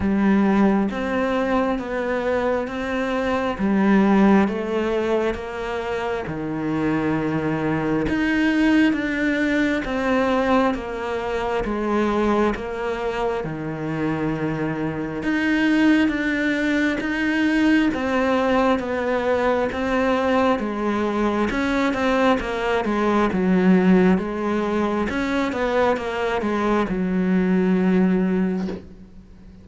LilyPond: \new Staff \with { instrumentName = "cello" } { \time 4/4 \tempo 4 = 67 g4 c'4 b4 c'4 | g4 a4 ais4 dis4~ | dis4 dis'4 d'4 c'4 | ais4 gis4 ais4 dis4~ |
dis4 dis'4 d'4 dis'4 | c'4 b4 c'4 gis4 | cis'8 c'8 ais8 gis8 fis4 gis4 | cis'8 b8 ais8 gis8 fis2 | }